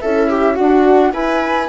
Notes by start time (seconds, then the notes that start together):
0.00 C#4 E4 A4 E5
0.29 G4
0.54 D4 F#4 F#5
1.13 E4 B4 G#5